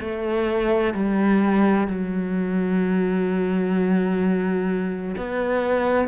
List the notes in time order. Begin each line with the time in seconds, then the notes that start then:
0.00 A3
0.94 G3
1.87 F#3
5.17 B3